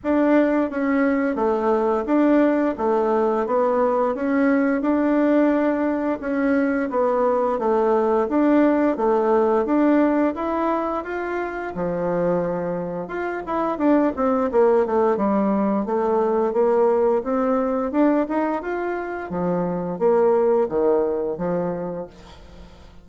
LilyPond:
\new Staff \with { instrumentName = "bassoon" } { \time 4/4 \tempo 4 = 87 d'4 cis'4 a4 d'4 | a4 b4 cis'4 d'4~ | d'4 cis'4 b4 a4 | d'4 a4 d'4 e'4 |
f'4 f2 f'8 e'8 | d'8 c'8 ais8 a8 g4 a4 | ais4 c'4 d'8 dis'8 f'4 | f4 ais4 dis4 f4 | }